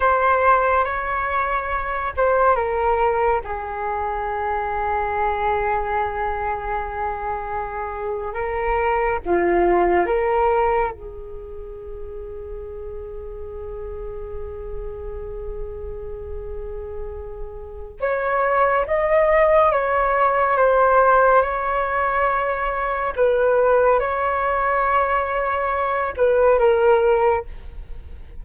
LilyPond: \new Staff \with { instrumentName = "flute" } { \time 4/4 \tempo 4 = 70 c''4 cis''4. c''8 ais'4 | gis'1~ | gis'4.~ gis'16 ais'4 f'4 ais'16~ | ais'8. gis'2.~ gis'16~ |
gis'1~ | gis'4 cis''4 dis''4 cis''4 | c''4 cis''2 b'4 | cis''2~ cis''8 b'8 ais'4 | }